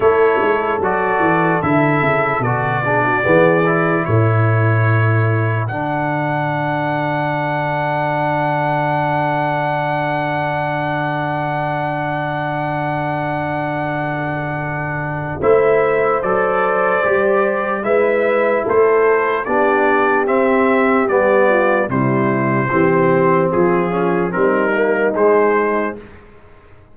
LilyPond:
<<
  \new Staff \with { instrumentName = "trumpet" } { \time 4/4 \tempo 4 = 74 cis''4 d''4 e''4 d''4~ | d''4 cis''2 fis''4~ | fis''1~ | fis''1~ |
fis''2. e''4 | d''2 e''4 c''4 | d''4 e''4 d''4 c''4~ | c''4 gis'4 ais'4 c''4 | }
  \new Staff \with { instrumentName = "horn" } { \time 4/4 a'2.~ a'8 gis'16 fis'16 | gis'4 a'2.~ | a'1~ | a'1~ |
a'2. c''4~ | c''2 b'4 a'4 | g'2~ g'8 f'8 e'4 | g'4 f'4 dis'2 | }
  \new Staff \with { instrumentName = "trombone" } { \time 4/4 e'4 fis'4 e'4 fis'8 d'8 | b8 e'2~ e'8 d'4~ | d'1~ | d'1~ |
d'2. e'4 | a'4 g'4 e'2 | d'4 c'4 b4 g4 | c'4. cis'8 c'8 ais8 gis4 | }
  \new Staff \with { instrumentName = "tuba" } { \time 4/4 a8 gis8 fis8 e8 d8 cis8 b,4 | e4 a,2 d4~ | d1~ | d1~ |
d2. a4 | fis4 g4 gis4 a4 | b4 c'4 g4 c4 | e4 f4 g4 gis4 | }
>>